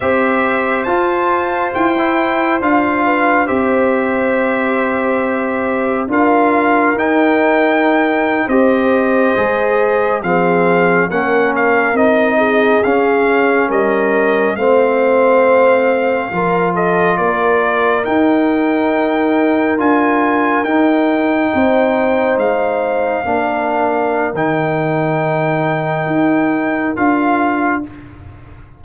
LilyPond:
<<
  \new Staff \with { instrumentName = "trumpet" } { \time 4/4 \tempo 4 = 69 e''4 a''4 g''4 f''4 | e''2. f''4 | g''4.~ g''16 dis''2 f''16~ | f''8. fis''8 f''8 dis''4 f''4 dis''16~ |
dis''8. f''2~ f''8 dis''8 d''16~ | d''8. g''2 gis''4 g''16~ | g''4.~ g''16 f''2~ f''16 | g''2. f''4 | }
  \new Staff \with { instrumentName = "horn" } { \time 4/4 c''2.~ c''8 b'8 | c''2. ais'4~ | ais'4.~ ais'16 c''2 gis'16~ | gis'8. ais'4. gis'4. ais'16~ |
ais'8. c''2 ais'8 a'8 ais'16~ | ais'1~ | ais'8. c''2 ais'4~ ais'16~ | ais'1 | }
  \new Staff \with { instrumentName = "trombone" } { \time 4/4 g'4 f'4~ f'16 e'8. f'4 | g'2. f'4 | dis'4.~ dis'16 g'4 gis'4 c'16~ | c'8. cis'4 dis'4 cis'4~ cis'16~ |
cis'8. c'2 f'4~ f'16~ | f'8. dis'2 f'4 dis'16~ | dis'2~ dis'8. d'4~ d'16 | dis'2. f'4 | }
  \new Staff \with { instrumentName = "tuba" } { \time 4/4 c'4 f'4 e'4 d'4 | c'2. d'4 | dis'4.~ dis'16 c'4 gis4 f16~ | f8. ais4 c'4 cis'4 g16~ |
g8. a2 f4 ais16~ | ais8. dis'2 d'4 dis'16~ | dis'8. c'4 gis4 ais4~ ais16 | dis2 dis'4 d'4 | }
>>